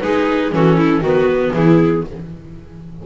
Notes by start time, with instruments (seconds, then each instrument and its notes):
0.00 double bass G#3, viola D#4 G#4, clarinet B4
0.51 double bass E3, viola C#4 F#4, clarinet A4
0.77 viola E4
1.01 double bass D#3, viola B3 F#4, clarinet B4
1.53 double bass E3, viola E4, clarinet G#4